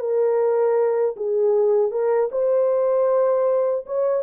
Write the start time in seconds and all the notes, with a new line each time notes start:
0.00 A#4
1.17 G#4
1.92 A#4
2.32 C5
3.86 C#5